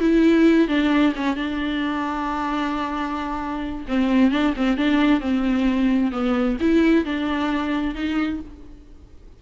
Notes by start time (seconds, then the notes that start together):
0.00 E4
0.68 D4
1.16 C#4
1.36 D4
3.88 C4
4.31 D4
4.56 C4
4.77 D4
5.20 C4
6.12 B3
6.60 E4
7.05 D4
7.95 D#4